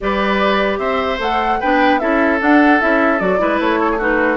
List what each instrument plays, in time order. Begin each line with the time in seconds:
0.01 bassoon G3, clarinet G4, oboe B4, flute D5
0.78 bassoon C4, oboe C5, flute E5
1.18 bassoon A3, clarinet A4, flute F#5
1.59 bassoon B3, clarinet D4, oboe B4, flute G5
1.99 bassoon C#4, clarinet E4, oboe A4, flute E5
2.39 clarinet D4, bassoon D4, flute F#5
2.80 bassoon C#4, clarinet E4, flute E5
3.19 bassoon F#3, clarinet F#4, flute D5
3.38 bassoon G#3, clarinet E4, oboe B4
3.59 bassoon A3, flute C#5
3.79 oboe A4
3.92 oboe G#4
3.98 clarinet D#4, oboe F#4, flute B4